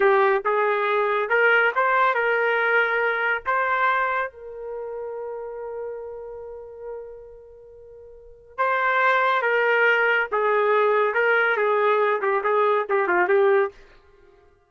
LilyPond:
\new Staff \with { instrumentName = "trumpet" } { \time 4/4 \tempo 4 = 140 g'4 gis'2 ais'4 | c''4 ais'2. | c''2 ais'2~ | ais'1~ |
ais'1 | c''2 ais'2 | gis'2 ais'4 gis'4~ | gis'8 g'8 gis'4 g'8 f'8 g'4 | }